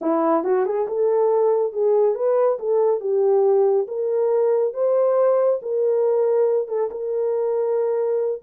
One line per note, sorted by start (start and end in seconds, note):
0.01 0.44 E4
0.44 0.65 F#4
0.65 0.87 G#4
0.87 1.72 A4
1.72 2.14 G#4
2.14 2.58 B4
2.59 3.00 A4
3.00 3.87 G4
3.87 4.73 A#4
4.73 5.60 C5
5.62 6.67 A#4
6.67 6.89 A4
6.90 8.42 A#4